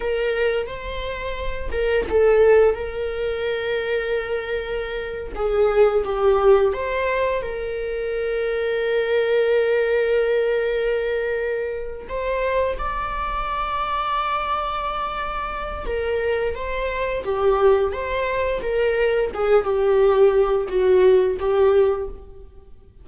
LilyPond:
\new Staff \with { instrumentName = "viola" } { \time 4/4 \tempo 4 = 87 ais'4 c''4. ais'8 a'4 | ais'2.~ ais'8. gis'16~ | gis'8. g'4 c''4 ais'4~ ais'16~ | ais'1~ |
ais'4. c''4 d''4.~ | d''2. ais'4 | c''4 g'4 c''4 ais'4 | gis'8 g'4. fis'4 g'4 | }